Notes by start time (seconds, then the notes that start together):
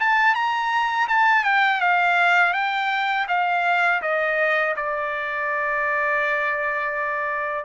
0.00 A5
0.35 A#5
1.08 A5
1.44 G5
1.81 F5
2.53 G5
3.28 F5
4.02 D#5
4.76 D5